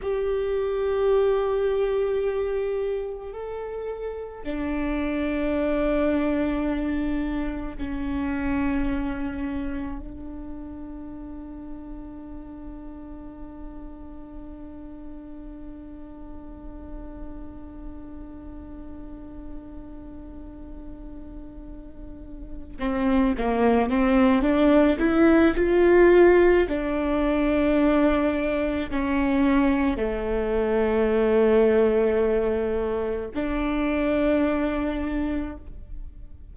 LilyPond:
\new Staff \with { instrumentName = "viola" } { \time 4/4 \tempo 4 = 54 g'2. a'4 | d'2. cis'4~ | cis'4 d'2.~ | d'1~ |
d'1~ | d'8 c'8 ais8 c'8 d'8 e'8 f'4 | d'2 cis'4 a4~ | a2 d'2 | }